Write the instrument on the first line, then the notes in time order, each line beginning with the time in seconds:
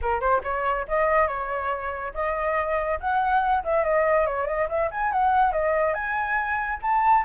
flute
0.01 A#4
0.20 C5
0.43 C#5
0.88 D#5
1.27 C#5
2.14 D#5
2.99 F#5
3.64 E5
3.84 D#5
4.26 C#5
4.47 D#5
4.69 E5
4.91 G#5
5.12 F#5
5.52 D#5
5.93 G#5
6.82 A5